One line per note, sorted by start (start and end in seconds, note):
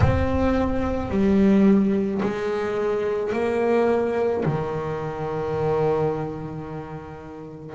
0.00 1.10 C4
1.10 2.21 G3
2.22 3.32 G#3
3.32 4.43 A#3
4.44 7.75 D#3